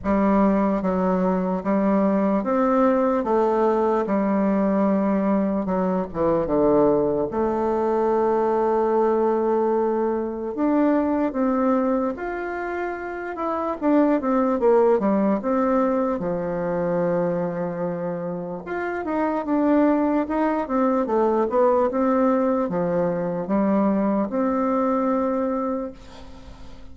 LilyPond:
\new Staff \with { instrumentName = "bassoon" } { \time 4/4 \tempo 4 = 74 g4 fis4 g4 c'4 | a4 g2 fis8 e8 | d4 a2.~ | a4 d'4 c'4 f'4~ |
f'8 e'8 d'8 c'8 ais8 g8 c'4 | f2. f'8 dis'8 | d'4 dis'8 c'8 a8 b8 c'4 | f4 g4 c'2 | }